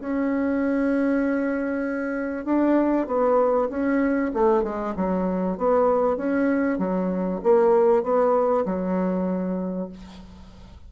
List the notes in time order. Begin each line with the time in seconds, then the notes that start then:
0.00 C#4
2.45 D4
3.07 B3
3.70 C#4
4.34 A3
4.64 G#3
4.96 F#3
5.58 B3
6.17 C#4
6.79 F#3
7.43 A#3
8.03 B3
8.65 F#3